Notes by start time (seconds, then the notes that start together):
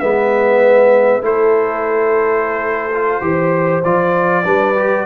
0.00 G#3 B3 B4 E5
1.22 A3 E4 A4 C5
2.94 F4
3.22 E3 G4 C5
3.84 F3 F4 D5
4.44 G3 D4 B4
4.76 G4